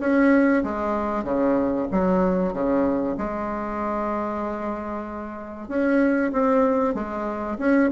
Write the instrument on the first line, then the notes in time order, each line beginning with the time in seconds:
bassoon
0.00 C#4
0.64 G#3
1.24 C#3
1.92 F#3
2.53 C#3
3.18 G#3
5.68 C#4
6.32 C4
6.95 G#3
7.58 C#4